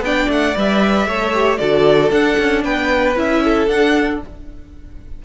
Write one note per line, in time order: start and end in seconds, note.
0.00 0.26 B3
0.00 0.55 D4
0.00 1.07 D5
0.00 0.31 G5
0.29 0.55 A3
0.29 0.57 F#5
0.55 1.07 G3
0.55 1.07 B4
0.55 1.57 E5
1.07 1.59 A3
1.07 1.33 A4
1.07 1.59 C#5
1.33 1.58 G4
1.57 2.10 D3
1.57 2.10 F#4
1.57 2.63 A4
1.57 2.09 D5
2.10 2.36 D4
2.10 3.16 D4
2.10 2.63 F#5
2.39 2.64 C#4
2.64 3.16 B3
2.64 3.42 B4
2.64 3.16 G5
3.16 3.67 C#4
3.16 3.68 E4
3.16 3.68 E5
3.44 4.22 A4
3.67 4.19 D4
3.67 4.24 D4
3.67 4.20 F#5